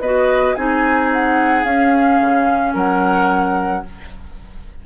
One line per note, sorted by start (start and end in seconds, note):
0.00 0.55 B3
0.00 0.56 F#4
0.00 0.56 B4
0.00 0.55 D#5
0.55 1.64 C4
0.55 1.65 D#4
0.55 2.73 G#4
0.55 1.09 G#5
1.12 1.64 F#5
1.64 2.18 C#4
1.64 3.84 C#4
1.64 2.73 F5
2.20 2.74 C#3
2.73 3.83 F#3
2.73 3.82 A#4
2.73 3.85 F#5